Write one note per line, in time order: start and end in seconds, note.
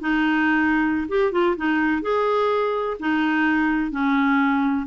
0.00 1.07 D#4
1.08 1.32 G4
1.32 1.56 F4
1.56 2.02 D#4
2.02 2.97 G#4
2.99 3.91 D#4
3.91 4.86 C#4